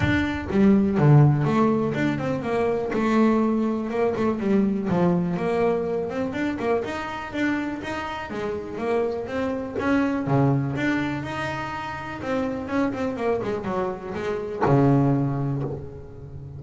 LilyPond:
\new Staff \with { instrumentName = "double bass" } { \time 4/4 \tempo 4 = 123 d'4 g4 d4 a4 | d'8 c'8 ais4 a2 | ais8 a8 g4 f4 ais4~ | ais8 c'8 d'8 ais8 dis'4 d'4 |
dis'4 gis4 ais4 c'4 | cis'4 cis4 d'4 dis'4~ | dis'4 c'4 cis'8 c'8 ais8 gis8 | fis4 gis4 cis2 | }